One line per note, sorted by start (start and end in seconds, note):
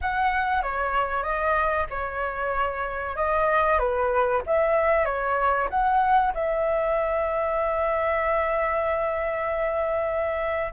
0.01 0.62 F#5
0.62 1.23 C#5
1.23 1.86 D#5
1.89 3.16 C#5
3.16 3.78 D#5
3.78 4.42 B4
4.46 5.05 E5
5.05 5.68 C#5
5.70 6.33 F#5
6.34 10.72 E5